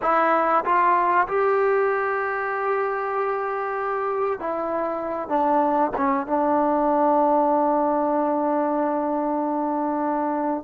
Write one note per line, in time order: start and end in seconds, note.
0.02 0.64 E4
0.64 1.27 F4
1.27 4.39 G4
4.39 5.28 E4
5.28 5.91 D4
5.97 6.27 C#4
6.27 10.63 D4